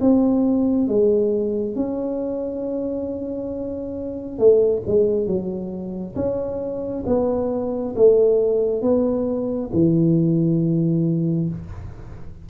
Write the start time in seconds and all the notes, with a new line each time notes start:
0.00 C4
0.87 G#3
1.75 C#4
4.38 A3
4.86 G#3
5.27 F#3
6.15 C#4
7.06 B3
7.95 A3
8.82 B3
9.73 E3